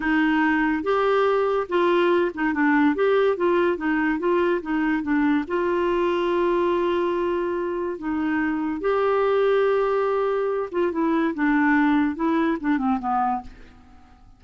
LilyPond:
\new Staff \with { instrumentName = "clarinet" } { \time 4/4 \tempo 4 = 143 dis'2 g'2 | f'4. dis'8 d'4 g'4 | f'4 dis'4 f'4 dis'4 | d'4 f'2.~ |
f'2. dis'4~ | dis'4 g'2.~ | g'4. f'8 e'4 d'4~ | d'4 e'4 d'8 c'8 b4 | }